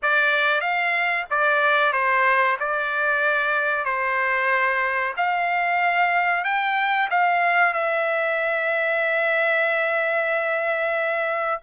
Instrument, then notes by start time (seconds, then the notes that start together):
trumpet
0.02 D5
0.60 F5
1.30 D5
1.92 C5
2.59 D5
3.84 C5
5.16 F5
6.44 G5
7.10 F5
7.73 E5